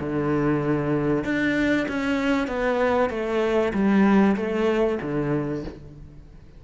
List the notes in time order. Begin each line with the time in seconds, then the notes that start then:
0.00 D3
1.24 D4
1.88 C#4
2.47 B3
3.10 A3
3.74 G3
4.36 A3
5.02 D3